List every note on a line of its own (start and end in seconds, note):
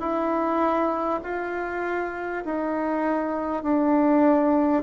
0.00 1.20 E4
1.24 2.44 F4
2.45 3.64 D#4
3.64 4.83 D4